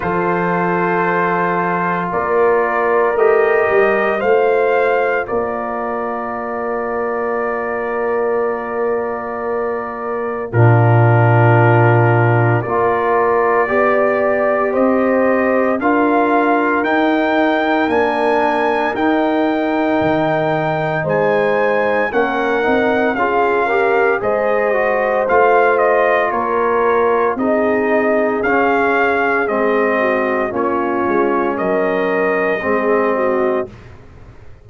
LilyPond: <<
  \new Staff \with { instrumentName = "trumpet" } { \time 4/4 \tempo 4 = 57 c''2 d''4 dis''4 | f''4 d''2.~ | d''2 ais'2 | d''2 dis''4 f''4 |
g''4 gis''4 g''2 | gis''4 fis''4 f''4 dis''4 | f''8 dis''8 cis''4 dis''4 f''4 | dis''4 cis''4 dis''2 | }
  \new Staff \with { instrumentName = "horn" } { \time 4/4 a'2 ais'2 | c''4 ais'2.~ | ais'2 f'2 | ais'4 d''4 c''4 ais'4~ |
ais'1 | c''4 ais'4 gis'8 ais'8 c''4~ | c''4 ais'4 gis'2~ | gis'8 fis'8 f'4 ais'4 gis'8 fis'8 | }
  \new Staff \with { instrumentName = "trombone" } { \time 4/4 f'2. g'4 | f'1~ | f'2 d'2 | f'4 g'2 f'4 |
dis'4 d'4 dis'2~ | dis'4 cis'8 dis'8 f'8 g'8 gis'8 fis'8 | f'2 dis'4 cis'4 | c'4 cis'2 c'4 | }
  \new Staff \with { instrumentName = "tuba" } { \time 4/4 f2 ais4 a8 g8 | a4 ais2.~ | ais2 ais,2 | ais4 b4 c'4 d'4 |
dis'4 ais4 dis'4 dis4 | gis4 ais8 c'8 cis'4 gis4 | a4 ais4 c'4 cis'4 | gis4 ais8 gis8 fis4 gis4 | }
>>